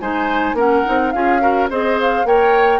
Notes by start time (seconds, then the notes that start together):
0.00 G#3 D#4 C5 G#5
0.53 A#3 C#4 A#4 F#5
0.85 C4 D#4
1.10 C#4 F4 G#4 F5
1.40 F#4 A#4
1.70 C4 G#4 C5 D#5
2.01 F5
2.24 A#3 A#4 C#5 G5